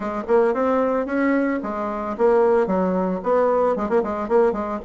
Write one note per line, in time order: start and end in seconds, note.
0.00 0.22 G#3
0.27 0.54 A#3
0.54 1.06 C4
1.06 1.59 C#4
1.62 2.16 G#3
2.17 2.66 A#3
2.66 3.20 F#3
3.23 3.76 B3
3.76 3.89 G#3
3.89 4.02 A#3
4.03 4.28 G#3
4.28 4.52 A#3
4.52 4.79 G#3